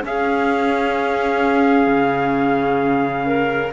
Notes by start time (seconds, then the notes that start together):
0.00 C#4 G#4 F5
1.86 C#3
3.26 A#4